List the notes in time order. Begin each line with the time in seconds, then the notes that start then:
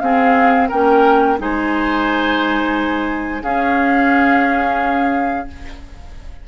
0.00 C4 G#4 F5
0.69 A#3 C#4 A#4 G5
1.38 G#3 D#4 C5 G#5
3.42 C#4 G#4 F5